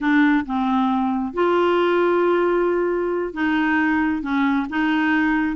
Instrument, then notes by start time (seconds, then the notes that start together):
clarinet
0.00 D4
0.45 C4
1.33 F4
3.33 D#4
4.22 C#4
4.69 D#4